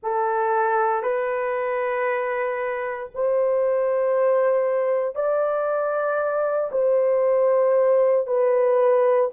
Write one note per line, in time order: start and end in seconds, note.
0.02 1.03 A4
1.03 3.09 B4
3.14 5.15 C5
5.15 6.70 D5
6.71 8.27 C5
8.27 9.30 B4